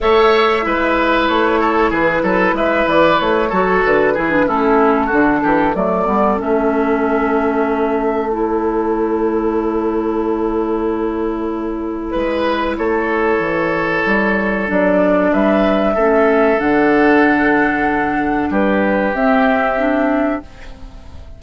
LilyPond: <<
  \new Staff \with { instrumentName = "flute" } { \time 4/4 \tempo 4 = 94 e''2 cis''4 b'4 | e''8 d''8 cis''4 b'4 a'4~ | a'4 d''4 e''2~ | e''4 cis''2.~ |
cis''2. b'4 | cis''2. d''4 | e''2 fis''2~ | fis''4 b'4 e''2 | }
  \new Staff \with { instrumentName = "oboe" } { \time 4/4 cis''4 b'4. a'8 gis'8 a'8 | b'4. a'4 gis'8 e'4 | fis'8 g'8 a'2.~ | a'1~ |
a'2. b'4 | a'1 | b'4 a'2.~ | a'4 g'2. | }
  \new Staff \with { instrumentName = "clarinet" } { \time 4/4 a'4 e'2.~ | e'4. fis'4 e'16 d'16 cis'4 | d'4 a8 b8 cis'2~ | cis'4 e'2.~ |
e'1~ | e'2. d'4~ | d'4 cis'4 d'2~ | d'2 c'4 d'4 | }
  \new Staff \with { instrumentName = "bassoon" } { \time 4/4 a4 gis4 a4 e8 fis8 | gis8 e8 a8 fis8 d8 e8 a4 | d8 e8 fis8 g8 a2~ | a1~ |
a2. gis4 | a4 e4 g4 fis4 | g4 a4 d2~ | d4 g4 c'2 | }
>>